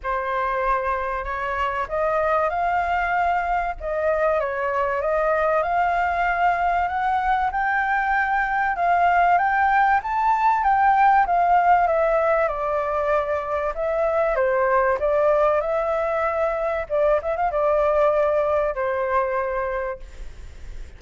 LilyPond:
\new Staff \with { instrumentName = "flute" } { \time 4/4 \tempo 4 = 96 c''2 cis''4 dis''4 | f''2 dis''4 cis''4 | dis''4 f''2 fis''4 | g''2 f''4 g''4 |
a''4 g''4 f''4 e''4 | d''2 e''4 c''4 | d''4 e''2 d''8 e''16 f''16 | d''2 c''2 | }